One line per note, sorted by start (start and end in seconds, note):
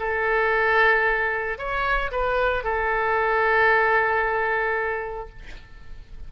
0.00 1.59 A4
1.59 2.12 C#5
2.12 2.64 B4
2.64 5.30 A4